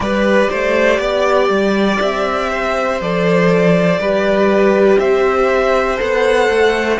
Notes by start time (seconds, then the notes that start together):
0.00 G3 G4 B4 D5
0.49 A3 C5
0.99 B3 D5
1.49 G3
2.00 C4 E5
2.49 C5
3.00 F3 A4 D5
3.98 G3 G4 B4
4.99 C4 C5 E5
5.97 B3 A4 F#5
6.49 A3